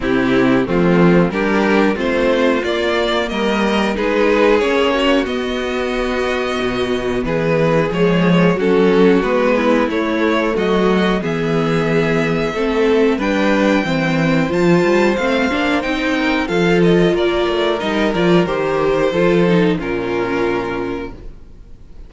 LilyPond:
<<
  \new Staff \with { instrumentName = "violin" } { \time 4/4 \tempo 4 = 91 g'4 f'4 ais'4 c''4 | d''4 dis''4 b'4 cis''4 | dis''2. b'4 | cis''4 a'4 b'4 cis''4 |
dis''4 e''2. | g''2 a''4 f''4 | g''4 f''8 dis''8 d''4 dis''8 d''8 | c''2 ais'2 | }
  \new Staff \with { instrumentName = "violin" } { \time 4/4 e'4 c'4 g'4 f'4~ | f'4 ais'4 gis'4. fis'8~ | fis'2. gis'4~ | gis'4 fis'4. e'4. |
fis'4 gis'2 a'4 | b'4 c''2.~ | c''8 ais'8 a'4 ais'2~ | ais'4 a'4 f'2 | }
  \new Staff \with { instrumentName = "viola" } { \time 4/4 c'4 a4 d'4 c'4 | ais2 dis'4 cis'4 | b1 | gis4 cis'4 b4 a4~ |
a4 b2 c'4 | d'4 c'4 f'4 c'8 d'8 | dis'4 f'2 dis'8 f'8 | g'4 f'8 dis'8 cis'2 | }
  \new Staff \with { instrumentName = "cello" } { \time 4/4 c4 f4 g4 a4 | ais4 g4 gis4 ais4 | b2 b,4 e4 | f4 fis4 gis4 a4 |
fis4 e2 a4 | g4 e4 f8 g8 a8 ais8 | c'4 f4 ais8 a8 g8 f8 | dis4 f4 ais,2 | }
>>